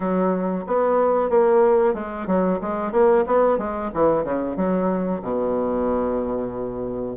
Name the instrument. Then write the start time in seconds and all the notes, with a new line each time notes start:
bassoon
0.00 F#3
0.66 B3
1.29 A#3
1.94 G#3
2.26 F#3
2.61 G#3
2.92 A#3
3.26 B3
3.58 G#3
3.94 E3
4.24 C#3
4.56 F#3
5.22 B2